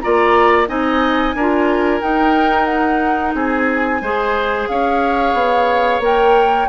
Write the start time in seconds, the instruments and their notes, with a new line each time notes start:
0.00 bassoon A#3, clarinet F4, oboe D5, flute A#5
0.67 bassoon C4, clarinet D#4, oboe D#5, flute G#5
1.34 bassoon D4, clarinet F4, oboe A#4
2.00 clarinet D#4, bassoon D#4, flute G5
2.65 flute F#5
3.34 bassoon C4, oboe G#4, flute G#5
4.01 bassoon G#3, clarinet G#4, oboe C5
4.67 bassoon C#4, oboe C#5, flute F5
5.33 bassoon B3
5.99 bassoon A#3, clarinet A#4, flute G5